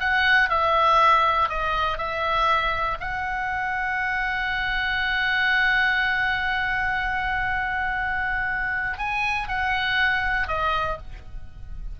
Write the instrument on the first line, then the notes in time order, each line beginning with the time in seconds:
oboe
0.00 F#5
0.50 E5
1.49 D#5
1.98 E5
3.00 F#5
8.98 G#5
9.48 F#5
10.48 D#5